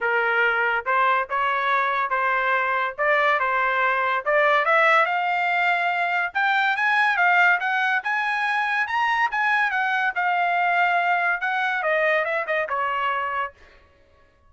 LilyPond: \new Staff \with { instrumentName = "trumpet" } { \time 4/4 \tempo 4 = 142 ais'2 c''4 cis''4~ | cis''4 c''2 d''4 | c''2 d''4 e''4 | f''2. g''4 |
gis''4 f''4 fis''4 gis''4~ | gis''4 ais''4 gis''4 fis''4 | f''2. fis''4 | dis''4 e''8 dis''8 cis''2 | }